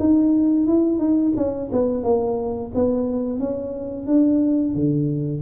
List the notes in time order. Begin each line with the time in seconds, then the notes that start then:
0.00 D#4
0.67 E4
0.99 D#4
1.37 C#4
1.73 B3
2.04 A#3
2.75 B3
3.40 C#4
4.07 D4
4.75 D3